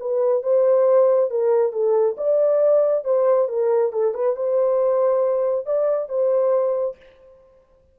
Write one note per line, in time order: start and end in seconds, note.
0.00 0.43 B4
0.43 1.31 C5
1.31 1.73 A#4
1.73 2.17 A4
2.18 3.05 D5
3.05 3.49 C5
3.49 3.93 A#4
3.93 4.14 A4
4.14 4.36 B4
4.37 5.67 C5
5.67 6.09 D5
6.09 6.97 C5